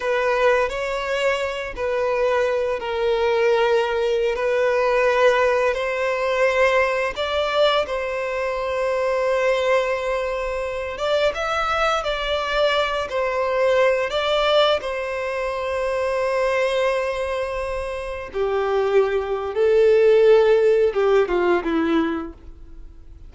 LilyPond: \new Staff \with { instrumentName = "violin" } { \time 4/4 \tempo 4 = 86 b'4 cis''4. b'4. | ais'2~ ais'16 b'4.~ b'16~ | b'16 c''2 d''4 c''8.~ | c''2.~ c''8. d''16~ |
d''16 e''4 d''4. c''4~ c''16~ | c''16 d''4 c''2~ c''8.~ | c''2~ c''16 g'4.~ g'16 | a'2 g'8 f'8 e'4 | }